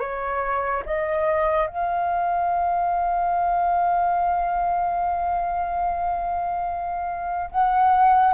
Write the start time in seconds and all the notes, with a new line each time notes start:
0.00 C#5
0.86 D#5
1.67 F5
7.51 F#5